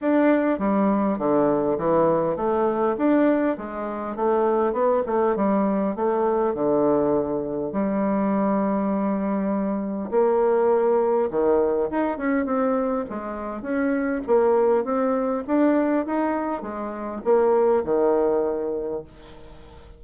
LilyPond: \new Staff \with { instrumentName = "bassoon" } { \time 4/4 \tempo 4 = 101 d'4 g4 d4 e4 | a4 d'4 gis4 a4 | b8 a8 g4 a4 d4~ | d4 g2.~ |
g4 ais2 dis4 | dis'8 cis'8 c'4 gis4 cis'4 | ais4 c'4 d'4 dis'4 | gis4 ais4 dis2 | }